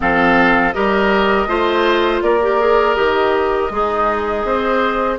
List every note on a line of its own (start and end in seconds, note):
0.00 0.75 F3
0.00 0.72 C4
0.00 0.75 A4
0.00 0.72 F5
0.72 1.46 G3
0.72 1.47 G4
0.72 1.48 A#4
0.72 2.21 D#5
1.46 2.20 A3
1.46 2.40 F4
1.46 2.22 C5
2.22 2.96 A#3
2.22 3.72 A#4
2.22 2.94 D5
2.42 2.59 G4
2.59 2.95 G#4
2.94 3.70 D#3
2.94 3.69 G4
2.94 5.17 D#5
3.70 4.44 G#3
3.70 4.46 D#4
3.70 5.18 G#4
4.44 5.18 C4
4.44 5.18 C5